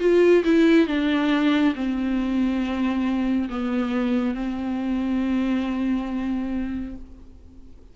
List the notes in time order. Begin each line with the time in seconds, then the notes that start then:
0.00 F4
0.44 E4
0.87 D4
1.75 C4
3.49 B3
4.35 C4